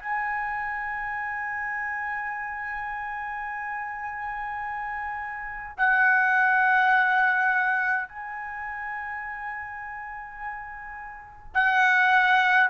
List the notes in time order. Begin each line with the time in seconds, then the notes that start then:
0.00 G#5
5.78 F#5
8.09 G#5
11.55 F#5